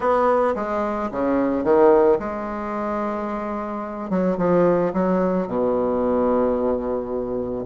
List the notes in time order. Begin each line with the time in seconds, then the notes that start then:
0.00 B3
0.55 G#3
1.11 C#3
1.64 D#3
2.19 G#3
4.10 F#3
4.37 F3
4.93 F#3
5.47 B2